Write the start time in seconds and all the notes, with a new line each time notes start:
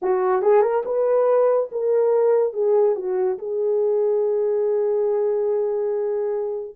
0.02 F#4
0.41 G#4
0.62 A#4
0.85 B4
1.71 A#4
2.53 G#4
2.95 F#4
3.38 G#4